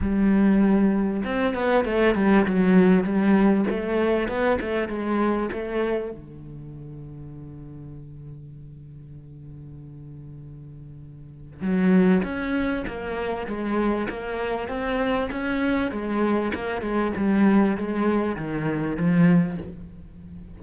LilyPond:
\new Staff \with { instrumentName = "cello" } { \time 4/4 \tempo 4 = 98 g2 c'8 b8 a8 g8 | fis4 g4 a4 b8 a8 | gis4 a4 d2~ | d1~ |
d2. fis4 | cis'4 ais4 gis4 ais4 | c'4 cis'4 gis4 ais8 gis8 | g4 gis4 dis4 f4 | }